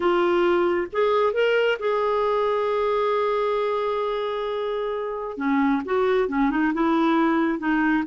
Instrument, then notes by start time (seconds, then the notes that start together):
clarinet
0.00 F4
0.92 G#4
1.33 A#4
1.79 G#4
5.37 C#4
5.85 F#4
6.28 C#4
6.50 D#4
6.73 E4
7.59 D#4